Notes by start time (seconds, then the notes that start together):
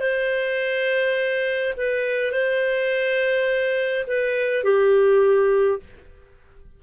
0.00 C5
1.77 B4
2.32 C5
4.07 B4
4.64 G4